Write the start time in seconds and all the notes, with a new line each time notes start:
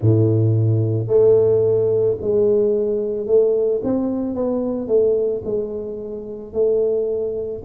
0.01 A2
1.07 A3
2.21 G#3
3.26 A3
3.83 C4
4.34 B3
4.87 A3
5.44 G#3
6.53 A3